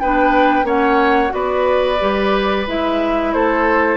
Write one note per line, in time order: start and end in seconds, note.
0.00 0.63 B3
0.00 0.64 D4
0.00 0.66 B4
0.00 0.67 G5
0.63 1.30 A#3
0.63 1.29 C#4
0.63 1.32 C#5
0.63 1.34 F#5
1.29 2.01 B3
1.29 1.96 F#4
1.29 3.34 B4
1.29 2.67 D5
2.00 2.67 G3
2.00 2.66 G4
2.67 3.34 G#3
2.67 3.97 E4
2.67 3.33 E5
3.33 3.97 A3
3.33 3.97 A4
3.33 3.97 C5